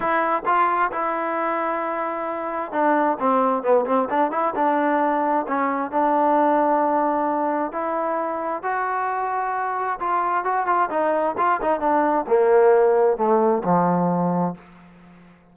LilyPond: \new Staff \with { instrumentName = "trombone" } { \time 4/4 \tempo 4 = 132 e'4 f'4 e'2~ | e'2 d'4 c'4 | b8 c'8 d'8 e'8 d'2 | cis'4 d'2.~ |
d'4 e'2 fis'4~ | fis'2 f'4 fis'8 f'8 | dis'4 f'8 dis'8 d'4 ais4~ | ais4 a4 f2 | }